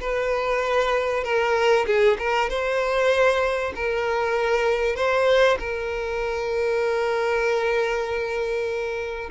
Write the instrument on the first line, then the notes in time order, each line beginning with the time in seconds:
violin
0.00 B4
1.24 A#4
1.86 G#4
2.18 A#4
2.49 C5
3.75 A#4
4.96 C5
5.59 A#4